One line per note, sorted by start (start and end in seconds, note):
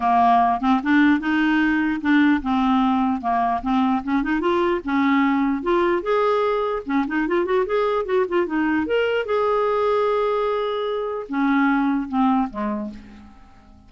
0.00 0.60 A#3
0.60 0.80 C4
0.83 1.20 D4
1.20 2.00 D#4
2.01 2.41 D4
2.41 3.21 C4
3.21 3.61 A#3
3.62 4.02 C4
4.03 4.22 C#4
4.22 4.40 D#4
4.40 4.80 F4
4.84 5.62 C#4
5.62 6.02 F4
6.02 6.83 G#4
6.85 7.05 C#4
7.07 7.27 D#4
7.27 7.45 F4
7.45 7.65 F#4
7.65 8.05 G#4
8.05 8.25 F#4
8.28 8.46 F4
8.46 8.86 D#4
8.86 9.25 A#4
9.25 11.27 G#4
11.28 12.08 C#4
12.08 12.48 C4
12.49 12.90 G#3